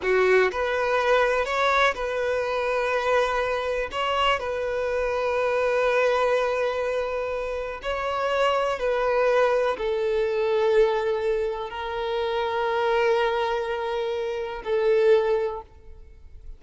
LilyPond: \new Staff \with { instrumentName = "violin" } { \time 4/4 \tempo 4 = 123 fis'4 b'2 cis''4 | b'1 | cis''4 b'2.~ | b'1 |
cis''2 b'2 | a'1 | ais'1~ | ais'2 a'2 | }